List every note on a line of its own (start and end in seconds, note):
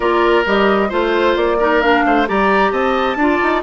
0.00 0.43 A#3
0.00 0.45 F4
0.00 0.89 A#4
0.00 0.45 D5
0.45 0.91 G3
0.45 0.89 G4
0.45 0.92 D#5
0.89 1.36 A3
0.89 1.58 F4
0.89 1.57 C5
0.89 1.36 C5
1.36 2.04 A#3
1.36 1.81 D5
1.59 1.82 D#4
1.59 2.04 A#4
1.81 2.26 D4
1.81 2.26 F5
2.05 2.28 A3
2.05 2.28 C5
2.26 2.71 G3
2.26 3.17 G4
2.26 2.71 D5
2.26 2.71 A#5
2.71 3.16 C4
2.71 3.17 D#5
2.71 3.62 A5
3.16 3.38 D4
3.16 3.62 F4
3.16 3.62 D5
3.42 3.62 D#4